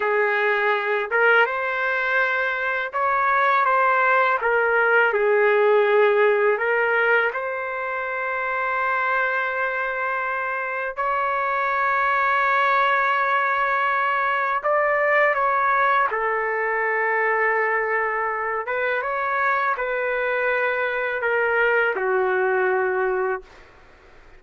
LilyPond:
\new Staff \with { instrumentName = "trumpet" } { \time 4/4 \tempo 4 = 82 gis'4. ais'8 c''2 | cis''4 c''4 ais'4 gis'4~ | gis'4 ais'4 c''2~ | c''2. cis''4~ |
cis''1 | d''4 cis''4 a'2~ | a'4. b'8 cis''4 b'4~ | b'4 ais'4 fis'2 | }